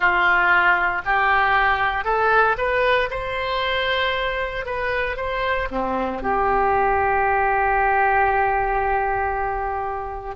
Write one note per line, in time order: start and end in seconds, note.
0.00 1.02 F4
1.05 2.04 G4
2.04 2.56 A4
2.57 3.09 B4
3.10 4.66 C5
4.66 5.16 B4
5.16 5.68 C5
5.70 6.22 C4
6.22 10.35 G4